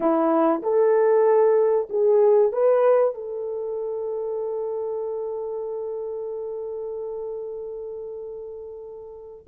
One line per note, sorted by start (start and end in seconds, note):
0.00 0.61 E4
0.62 1.88 A4
1.89 2.52 G#4
2.52 3.14 B4
3.14 9.46 A4